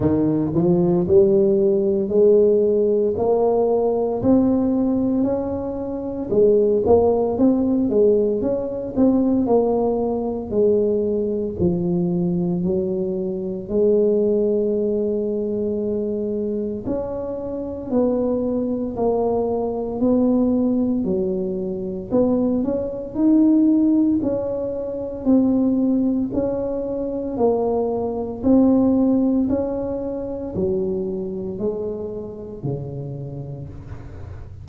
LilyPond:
\new Staff \with { instrumentName = "tuba" } { \time 4/4 \tempo 4 = 57 dis8 f8 g4 gis4 ais4 | c'4 cis'4 gis8 ais8 c'8 gis8 | cis'8 c'8 ais4 gis4 f4 | fis4 gis2. |
cis'4 b4 ais4 b4 | fis4 b8 cis'8 dis'4 cis'4 | c'4 cis'4 ais4 c'4 | cis'4 fis4 gis4 cis4 | }